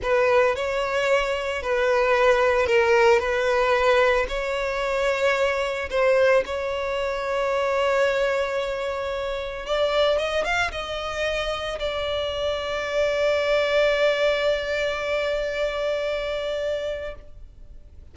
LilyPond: \new Staff \with { instrumentName = "violin" } { \time 4/4 \tempo 4 = 112 b'4 cis''2 b'4~ | b'4 ais'4 b'2 | cis''2. c''4 | cis''1~ |
cis''2 d''4 dis''8 f''8 | dis''2 d''2~ | d''1~ | d''1 | }